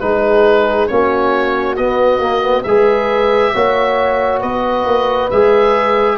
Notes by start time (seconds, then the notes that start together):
0.00 G#3 D#4 G#4 B4
0.88 A#3 C#4 F#4 C#5
1.76 B3 D#5
2.19 A#3
2.42 B3
2.63 G#3 G#4 B4 E5
3.53 A#3 F#4 C#5
4.40 B3 B4 D#5
4.86 A#3
5.30 G#3 G#4 E5